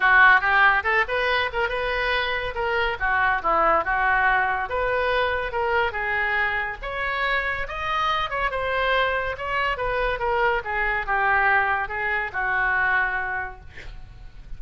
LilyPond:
\new Staff \with { instrumentName = "oboe" } { \time 4/4 \tempo 4 = 141 fis'4 g'4 a'8 b'4 ais'8 | b'2 ais'4 fis'4 | e'4 fis'2 b'4~ | b'4 ais'4 gis'2 |
cis''2 dis''4. cis''8 | c''2 cis''4 b'4 | ais'4 gis'4 g'2 | gis'4 fis'2. | }